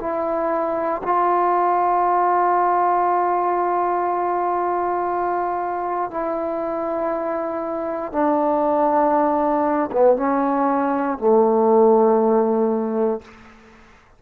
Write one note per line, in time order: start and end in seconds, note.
0.00 1.02 E4
1.03 6.11 F4
6.11 8.12 E4
8.12 9.90 D4
9.92 10.16 B3
10.16 11.18 C#4
11.18 13.22 A3